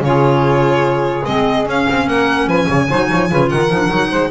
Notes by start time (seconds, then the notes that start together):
0.00 C#3 F4 G#4 C#5
1.25 G#3 C4 D#5
1.64 C#4 F5
1.90 C4
2.07 A#3 A#4 F#5
2.46 F3 B4 G#5
2.67 C#3 C#5
2.88 F#3 D#4 C5
3.09 F3 C#5
3.30 C#3 F4 B4
3.49 D#3 A#4 F#5
3.69 F3 D#4
3.79 D4
3.88 F#3 D#4
4.10 G#3 C5